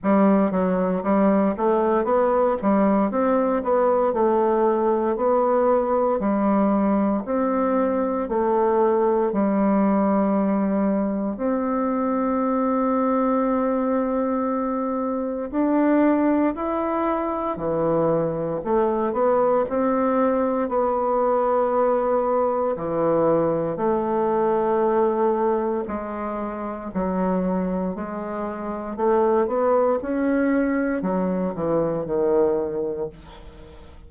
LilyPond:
\new Staff \with { instrumentName = "bassoon" } { \time 4/4 \tempo 4 = 58 g8 fis8 g8 a8 b8 g8 c'8 b8 | a4 b4 g4 c'4 | a4 g2 c'4~ | c'2. d'4 |
e'4 e4 a8 b8 c'4 | b2 e4 a4~ | a4 gis4 fis4 gis4 | a8 b8 cis'4 fis8 e8 dis4 | }